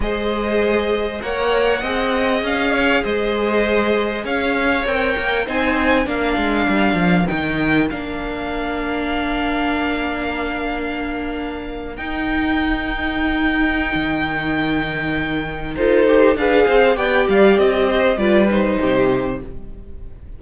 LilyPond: <<
  \new Staff \with { instrumentName = "violin" } { \time 4/4 \tempo 4 = 99 dis''2 fis''2 | f''4 dis''2 f''4 | g''4 gis''4 f''2 | g''4 f''2.~ |
f''2.~ f''8. g''16~ | g''1~ | g''2 c''4 f''4 | g''8 f''8 dis''4 d''8 c''4. | }
  \new Staff \with { instrumentName = "violin" } { \time 4/4 c''2 cis''4 dis''4~ | dis''8 cis''8 c''2 cis''4~ | cis''4 c''4 ais'2~ | ais'1~ |
ais'1~ | ais'1~ | ais'2 a'4 b'8 c''8 | d''4. c''8 b'4 g'4 | }
  \new Staff \with { instrumentName = "viola" } { \time 4/4 gis'2 ais'4 gis'4~ | gis'1 | ais'4 dis'4 d'2 | dis'4 d'2.~ |
d'2.~ d'8. dis'16~ | dis'1~ | dis'2 f'8 g'8 gis'4 | g'2 f'8 dis'4. | }
  \new Staff \with { instrumentName = "cello" } { \time 4/4 gis2 ais4 c'4 | cis'4 gis2 cis'4 | c'8 ais8 c'4 ais8 gis8 g8 f8 | dis4 ais2.~ |
ais2.~ ais8. dis'16~ | dis'2. dis4~ | dis2 dis'4 d'8 c'8 | b8 g8 c'4 g4 c4 | }
>>